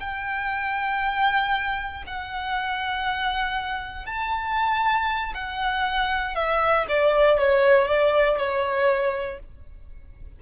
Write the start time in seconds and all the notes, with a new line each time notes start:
0.00 G5
2.07 F#5
4.06 A5
5.34 F#5
6.35 E5
6.89 D5
7.39 C#5
7.88 D5
8.38 C#5